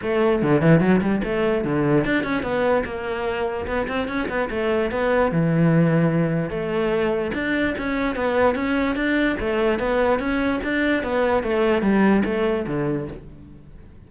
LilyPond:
\new Staff \with { instrumentName = "cello" } { \time 4/4 \tempo 4 = 147 a4 d8 e8 fis8 g8 a4 | d4 d'8 cis'8 b4 ais4~ | ais4 b8 c'8 cis'8 b8 a4 | b4 e2. |
a2 d'4 cis'4 | b4 cis'4 d'4 a4 | b4 cis'4 d'4 b4 | a4 g4 a4 d4 | }